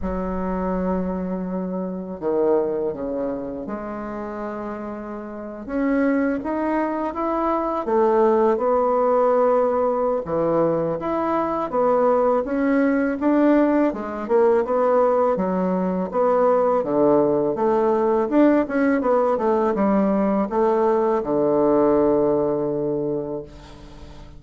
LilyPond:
\new Staff \with { instrumentName = "bassoon" } { \time 4/4 \tempo 4 = 82 fis2. dis4 | cis4 gis2~ gis8. cis'16~ | cis'8. dis'4 e'4 a4 b16~ | b2 e4 e'4 |
b4 cis'4 d'4 gis8 ais8 | b4 fis4 b4 d4 | a4 d'8 cis'8 b8 a8 g4 | a4 d2. | }